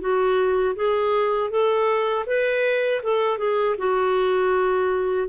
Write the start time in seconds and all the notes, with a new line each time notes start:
0.00 F#4
0.75 G#4
1.50 A4
2.26 B4
3.02 A4
3.38 G#4
3.77 F#4